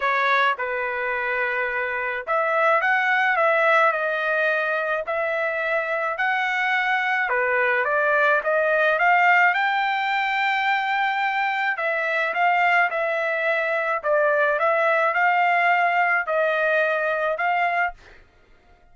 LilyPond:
\new Staff \with { instrumentName = "trumpet" } { \time 4/4 \tempo 4 = 107 cis''4 b'2. | e''4 fis''4 e''4 dis''4~ | dis''4 e''2 fis''4~ | fis''4 b'4 d''4 dis''4 |
f''4 g''2.~ | g''4 e''4 f''4 e''4~ | e''4 d''4 e''4 f''4~ | f''4 dis''2 f''4 | }